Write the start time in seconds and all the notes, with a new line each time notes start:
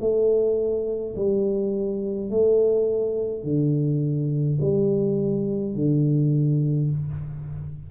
0.00 A3
1.15 G3
2.30 A3
3.44 D3
4.60 G3
5.75 D3